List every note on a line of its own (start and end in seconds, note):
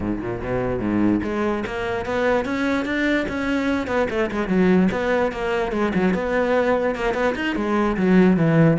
0.00 0.20 G#2
0.21 0.41 A#2
0.42 0.79 B2
0.79 1.20 G#2
1.23 1.64 G#3
1.66 2.05 A#3
2.05 2.45 B3
2.45 2.85 C#4
2.85 3.26 D4
3.28 3.87 C#4
3.87 4.07 B3
4.09 4.30 A3
4.31 4.48 G#3
4.48 4.88 F#3
4.91 5.32 B3
5.32 5.72 A#3
5.72 5.92 G#3
5.94 6.14 F#3
6.14 6.95 B3
6.95 7.14 A#3
7.14 7.34 B3
7.35 7.55 D#4
7.55 7.96 G#3
7.96 8.37 F#3
8.37 8.77 E3